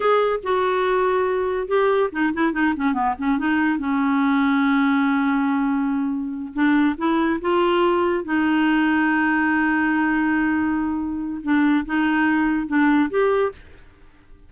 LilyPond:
\new Staff \with { instrumentName = "clarinet" } { \time 4/4 \tempo 4 = 142 gis'4 fis'2. | g'4 dis'8 e'8 dis'8 cis'8 b8 cis'8 | dis'4 cis'2.~ | cis'2.~ cis'8 d'8~ |
d'8 e'4 f'2 dis'8~ | dis'1~ | dis'2. d'4 | dis'2 d'4 g'4 | }